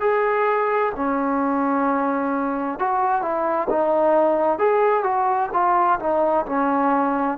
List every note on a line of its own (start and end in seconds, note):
0.00 0.92 G#4
0.95 2.79 C#4
2.79 3.21 F#4
3.21 3.68 E4
3.69 4.59 D#4
4.59 5.03 G#4
5.03 5.49 F#4
5.53 5.99 F4
5.99 6.45 D#4
6.46 7.38 C#4